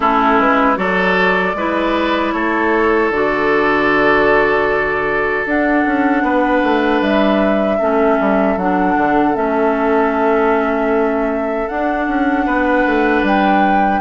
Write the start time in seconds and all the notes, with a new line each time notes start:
0.00 A3 C#4 E4 A4
0.39 G#3 B4
0.76 F#3 F#4 A4 D5
1.54 G#3 E4 B4
2.32 A3 A4 C#5
3.10 D3 F#4 D5
5.45 D4 F#5
5.86 C#4
6.22 B3 B4
6.63 A3
7.01 G3 E5
7.77 A3 C#4 A4
8.20 G3
8.56 F#3 D4 F#5
8.97 D3
9.34 A3 C#4 E5
11.68 D4 F#5
12.07 C#4
12.45 B3 B4
12.86 A3
13.22 G3 G5